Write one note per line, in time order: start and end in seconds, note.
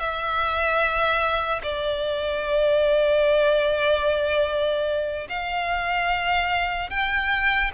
0.00 1.62 E5
1.63 5.28 D5
5.30 6.90 F5
6.90 7.71 G5